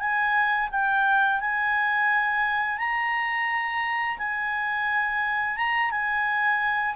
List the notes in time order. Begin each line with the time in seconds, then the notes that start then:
0.00 G#5
0.72 G5
1.41 G#5
2.78 A#5
4.18 G#5
5.57 A#5
5.91 G#5